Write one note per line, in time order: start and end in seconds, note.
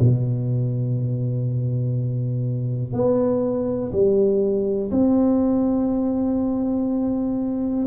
0.00 2.93 B2
2.93 3.92 B3
3.93 4.91 G3
4.92 7.87 C4